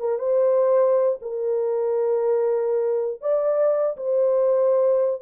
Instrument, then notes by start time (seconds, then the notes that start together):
horn
0.00 A#4
0.19 C5
1.22 A#4
3.22 D5
3.97 C5